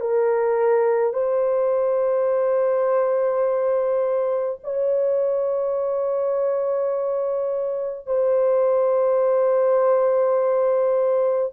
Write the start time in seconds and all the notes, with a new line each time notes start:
0.00 A#4
1.13 C5
4.64 C#5
8.06 C5